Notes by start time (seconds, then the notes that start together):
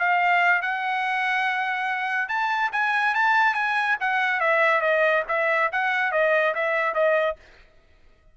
0.00 F5
0.62 F#5
2.29 A5
2.73 G#5
3.15 A5
3.55 G#5
4.00 F#5
4.41 E5
4.81 D#5
5.29 E5
5.73 F#5
6.12 D#5
6.55 E5
6.94 D#5